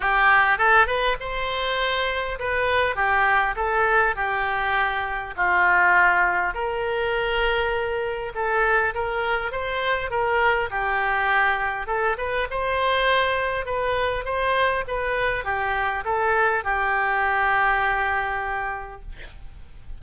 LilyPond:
\new Staff \with { instrumentName = "oboe" } { \time 4/4 \tempo 4 = 101 g'4 a'8 b'8 c''2 | b'4 g'4 a'4 g'4~ | g'4 f'2 ais'4~ | ais'2 a'4 ais'4 |
c''4 ais'4 g'2 | a'8 b'8 c''2 b'4 | c''4 b'4 g'4 a'4 | g'1 | }